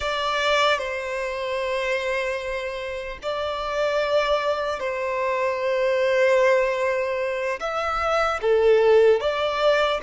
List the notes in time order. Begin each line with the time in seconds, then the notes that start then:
0.00 D5
0.78 C5
3.22 D5
4.79 C5
7.60 E5
8.41 A4
9.20 D5